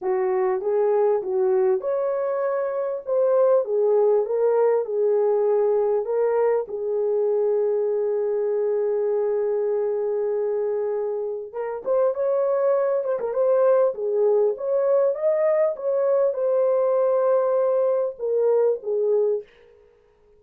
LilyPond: \new Staff \with { instrumentName = "horn" } { \time 4/4 \tempo 4 = 99 fis'4 gis'4 fis'4 cis''4~ | cis''4 c''4 gis'4 ais'4 | gis'2 ais'4 gis'4~ | gis'1~ |
gis'2. ais'8 c''8 | cis''4. c''16 ais'16 c''4 gis'4 | cis''4 dis''4 cis''4 c''4~ | c''2 ais'4 gis'4 | }